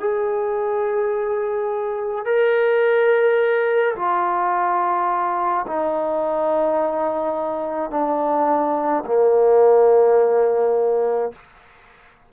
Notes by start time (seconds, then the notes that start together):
0.00 G#4
2.26 A#4
3.96 F4
5.67 D#4
7.91 D4
9.07 A#3